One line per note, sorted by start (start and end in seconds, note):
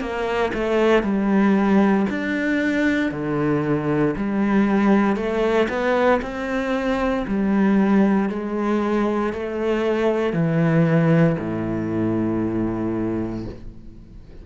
0.00 0.52 A#3
0.54 1.03 A3
1.03 2.06 G3
2.10 3.11 D4
3.11 4.15 D3
4.17 5.16 G3
5.16 5.68 A3
5.69 6.21 B3
6.22 7.25 C4
7.27 8.29 G3
8.29 9.33 G#3
9.33 10.33 A3
10.33 11.36 E3
11.39 13.46 A2